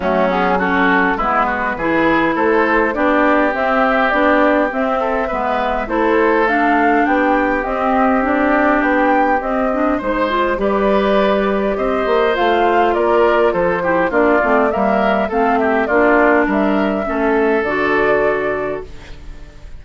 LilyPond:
<<
  \new Staff \with { instrumentName = "flute" } { \time 4/4 \tempo 4 = 102 fis'8 gis'8 a'4 b'2 | c''4 d''4 e''4 d''4 | e''2 c''4 f''4 | g''4 dis''4 d''4 g''4 |
dis''4 c''4 d''2 | dis''4 f''4 d''4 c''4 | d''4 e''4 f''8 e''8 d''4 | e''2 d''2 | }
  \new Staff \with { instrumentName = "oboe" } { \time 4/4 cis'4 fis'4 e'8 fis'8 gis'4 | a'4 g'2.~ | g'8 a'8 b'4 a'2 | g'1~ |
g'4 c''4 b'2 | c''2 ais'4 a'8 g'8 | f'4 ais'4 a'8 g'8 f'4 | ais'4 a'2. | }
  \new Staff \with { instrumentName = "clarinet" } { \time 4/4 a8 b8 cis'4 b4 e'4~ | e'4 d'4 c'4 d'4 | c'4 b4 e'4 d'4~ | d'4 c'4 d'2 |
c'8 d'8 dis'8 f'8 g'2~ | g'4 f'2~ f'8 e'8 | d'8 c'8 ais4 c'4 d'4~ | d'4 cis'4 fis'2 | }
  \new Staff \with { instrumentName = "bassoon" } { \time 4/4 fis2 gis4 e4 | a4 b4 c'4 b4 | c'4 gis4 a2 | b4 c'2 b4 |
c'4 gis4 g2 | c'8 ais8 a4 ais4 f4 | ais8 a8 g4 a4 ais4 | g4 a4 d2 | }
>>